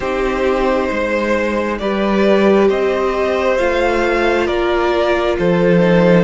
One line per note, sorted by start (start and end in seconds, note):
0.00 0.89 C4
0.00 1.81 D#4
0.00 0.88 G4
0.00 1.78 C5
0.88 1.80 G#3
0.88 1.77 C5
1.78 2.69 G3
1.78 3.58 G4
1.78 2.68 B4
1.78 2.68 D5
2.68 3.59 C4
2.68 4.46 C5
2.68 3.57 D#5
3.57 4.48 A3
3.57 5.79 F4
3.57 4.46 F5
4.46 5.38 A#3
4.46 5.36 A#4
4.46 5.36 D5
5.38 6.24 F3
5.38 6.24 A4
5.38 6.24 C5
5.79 6.24 D#4